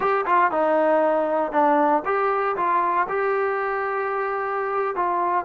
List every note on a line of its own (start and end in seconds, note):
0.00 0.25 G4
0.26 0.51 F4
0.51 1.52 D#4
1.52 2.02 D4
2.05 2.55 G4
2.56 3.07 F4
3.09 4.95 G4
4.95 5.45 F4